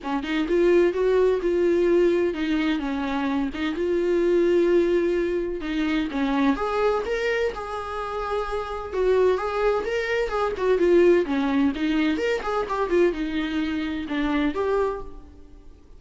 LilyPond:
\new Staff \with { instrumentName = "viola" } { \time 4/4 \tempo 4 = 128 cis'8 dis'8 f'4 fis'4 f'4~ | f'4 dis'4 cis'4. dis'8 | f'1 | dis'4 cis'4 gis'4 ais'4 |
gis'2. fis'4 | gis'4 ais'4 gis'8 fis'8 f'4 | cis'4 dis'4 ais'8 gis'8 g'8 f'8 | dis'2 d'4 g'4 | }